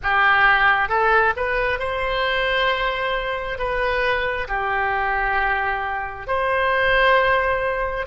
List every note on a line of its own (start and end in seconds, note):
0.02 0.88 G4
0.88 1.33 A4
1.36 1.79 B4
1.79 3.58 C5
3.58 4.47 B4
4.48 6.27 G4
6.27 8.06 C5